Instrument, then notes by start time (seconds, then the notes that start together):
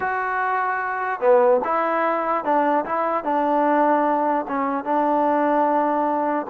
trombone
0.00 F#4
1.20 B3
1.64 E4
2.44 D4
2.85 E4
3.24 D4
4.47 C#4
4.84 D4